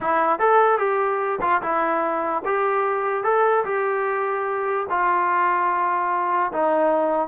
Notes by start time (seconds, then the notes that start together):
0.00 E4
0.39 A4
0.78 G4
1.41 F4
1.61 E4
2.45 G4
3.23 A4
3.64 G4
4.89 F4
6.52 D#4